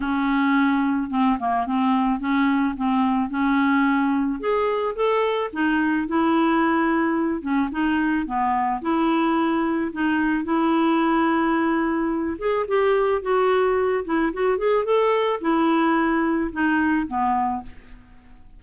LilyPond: \new Staff \with { instrumentName = "clarinet" } { \time 4/4 \tempo 4 = 109 cis'2 c'8 ais8 c'4 | cis'4 c'4 cis'2 | gis'4 a'4 dis'4 e'4~ | e'4. cis'8 dis'4 b4 |
e'2 dis'4 e'4~ | e'2~ e'8 gis'8 g'4 | fis'4. e'8 fis'8 gis'8 a'4 | e'2 dis'4 b4 | }